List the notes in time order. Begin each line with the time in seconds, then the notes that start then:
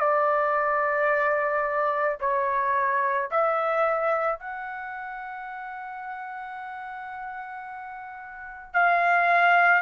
0.00 D5
2.20 C#5
3.31 E5
4.39 F#5
8.74 F5